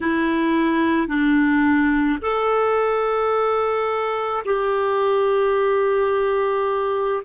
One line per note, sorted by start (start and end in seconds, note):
0.01 1.07 E4
1.07 2.18 D4
2.21 4.43 A4
4.45 7.23 G4